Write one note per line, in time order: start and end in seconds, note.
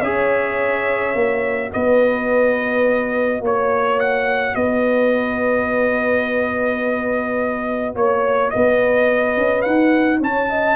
0.00 1.15 C#4
0.00 1.15 G#4
0.00 1.70 C#5
0.00 1.70 E5
1.15 1.71 A#3
1.15 10.75 F#4
1.72 3.41 B3
1.72 3.42 B4
1.72 3.42 D#5
3.41 4.54 A#3
3.41 4.57 C#5
3.41 3.99 C#5
3.99 4.55 F#5
4.55 7.95 B3
4.55 7.95 B4
4.55 7.94 D#5
7.95 8.52 A#3
7.95 8.51 C#5
7.95 8.50 C#5
8.50 9.37 B3
8.50 10.19 B4
8.50 9.62 D#5
9.37 9.65 C#4
9.62 10.21 D#4
9.62 10.18 F#5
10.19 10.75 C#4
10.19 10.47 C#5
10.19 10.75 A5
10.49 10.75 D#5